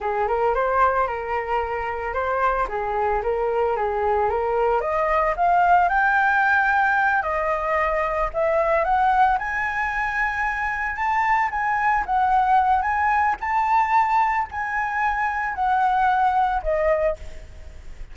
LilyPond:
\new Staff \with { instrumentName = "flute" } { \time 4/4 \tempo 4 = 112 gis'8 ais'8 c''4 ais'2 | c''4 gis'4 ais'4 gis'4 | ais'4 dis''4 f''4 g''4~ | g''4. dis''2 e''8~ |
e''8 fis''4 gis''2~ gis''8~ | gis''8 a''4 gis''4 fis''4. | gis''4 a''2 gis''4~ | gis''4 fis''2 dis''4 | }